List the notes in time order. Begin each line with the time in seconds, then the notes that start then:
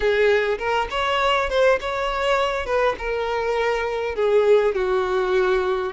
0.00 G#4
0.58 A#4
0.90 C#5
1.49 C5
1.80 C#5
2.65 B4
2.98 A#4
4.15 G#4
4.74 F#4